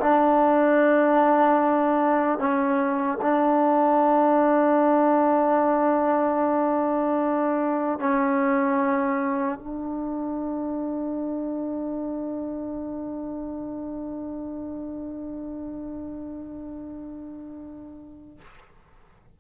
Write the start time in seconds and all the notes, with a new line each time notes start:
0.00 D4
2.39 C#4
3.21 D4
7.99 C#4
9.58 D4